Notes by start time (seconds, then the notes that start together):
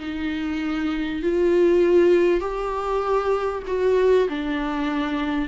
0.00 D#4
1.22 F4
2.41 G4
3.67 F#4
4.29 D4